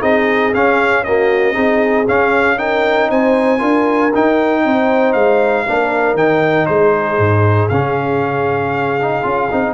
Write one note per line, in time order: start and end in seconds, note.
0.00 0.53 C4
0.00 0.53 D#4
0.00 1.03 G#4
0.00 0.54 D#5
0.54 1.56 C#4
0.54 1.06 C#4
0.54 1.04 F5
1.04 1.54 A#3
1.04 1.54 F#4
1.04 2.07 D#5
1.54 2.08 C4
1.54 2.05 D#4
1.54 2.56 G#4
2.08 2.57 C#4
2.08 3.11 C#4
2.08 2.59 F5
2.57 3.59 D#4
2.57 3.10 A#4
2.57 3.10 G5
3.10 3.62 C4
3.10 3.59 C5
3.10 4.13 G#5
3.59 4.13 D4
3.59 4.10 F4
3.59 4.62 A#4
4.14 5.67 D#4
4.14 4.65 D#4
4.14 5.13 G5
4.65 5.15 C4
4.65 5.67 C5
5.13 5.66 G#3
5.13 6.16 F5
5.67 6.14 A#3
5.67 6.17 D4
5.67 6.68 A#4
6.14 6.65 D#3
6.14 7.71 D#4
6.14 6.66 G5
6.66 7.19 G#3
6.66 9.74 G#4
6.66 7.69 C5
7.19 7.70 G#2
7.69 9.25 C#3
7.69 9.01 C#4
7.69 9.74 F5
9.01 9.23 D#4
9.23 9.50 C#4
9.23 9.49 F4
9.51 9.74 C4
9.51 9.74 D#4